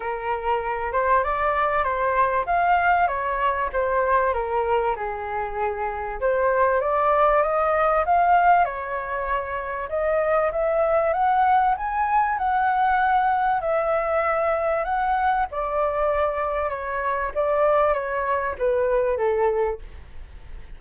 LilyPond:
\new Staff \with { instrumentName = "flute" } { \time 4/4 \tempo 4 = 97 ais'4. c''8 d''4 c''4 | f''4 cis''4 c''4 ais'4 | gis'2 c''4 d''4 | dis''4 f''4 cis''2 |
dis''4 e''4 fis''4 gis''4 | fis''2 e''2 | fis''4 d''2 cis''4 | d''4 cis''4 b'4 a'4 | }